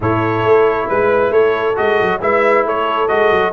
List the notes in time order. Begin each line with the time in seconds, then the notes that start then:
0.00 A2 E4 A4 C#5
0.44 A3
0.87 G#3 B4
1.31 A3 A4 C#5
1.75 G#3 F#4 D#5
2.01 F#3
2.20 G#3 E4 B4 E5
2.65 A3 A4 C#5
3.08 G#3 F#4 D#5
3.31 F#3